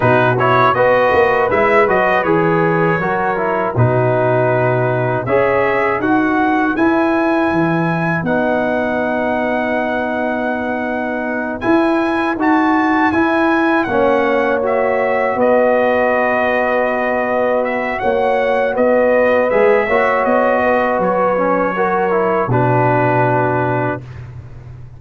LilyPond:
<<
  \new Staff \with { instrumentName = "trumpet" } { \time 4/4 \tempo 4 = 80 b'8 cis''8 dis''4 e''8 dis''8 cis''4~ | cis''4 b'2 e''4 | fis''4 gis''2 fis''4~ | fis''2.~ fis''8 gis''8~ |
gis''8 a''4 gis''4 fis''4 e''8~ | e''8 dis''2. e''8 | fis''4 dis''4 e''4 dis''4 | cis''2 b'2 | }
  \new Staff \with { instrumentName = "horn" } { \time 4/4 fis'4 b'2. | ais'4 fis'2 cis''4 | b'1~ | b'1~ |
b'2~ b'8 cis''4.~ | cis''8 b'2.~ b'8 | cis''4 b'4. cis''4 b'8~ | b'4 ais'4 fis'2 | }
  \new Staff \with { instrumentName = "trombone" } { \time 4/4 dis'8 e'8 fis'4 e'8 fis'8 gis'4 | fis'8 e'8 dis'2 gis'4 | fis'4 e'2 dis'4~ | dis'2.~ dis'8 e'8~ |
e'8 fis'4 e'4 cis'4 fis'8~ | fis'1~ | fis'2 gis'8 fis'4.~ | fis'8 cis'8 fis'8 e'8 d'2 | }
  \new Staff \with { instrumentName = "tuba" } { \time 4/4 b,4 b8 ais8 gis8 fis8 e4 | fis4 b,2 cis'4 | dis'4 e'4 e4 b4~ | b2.~ b8 e'8~ |
e'8 dis'4 e'4 ais4.~ | ais8 b2.~ b8 | ais4 b4 gis8 ais8 b4 | fis2 b,2 | }
>>